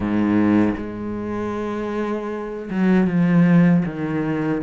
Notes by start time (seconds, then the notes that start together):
0.00 G#2
0.77 G#3
2.70 F#3
3.07 F3
3.85 D#3